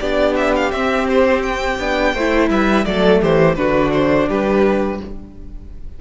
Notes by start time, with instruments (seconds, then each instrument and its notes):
0.00 cello B3, viola D4, violin G4 D5
0.36 violin E5
0.56 violin F5
0.71 viola C4, cello C4, violin E5
1.10 violin C5
1.43 violin G5
1.79 cello B3, viola D4
2.14 cello A3, viola E4, violin C5
2.50 cello G3, violin B4 E5
2.85 cello F#3, viola A3, violin A4 D5
3.22 cello E3, violin G4 C5
3.55 cello D3, viola D4, violin F#4 B4
3.93 violin C5
4.29 cello G3, violin G4 B4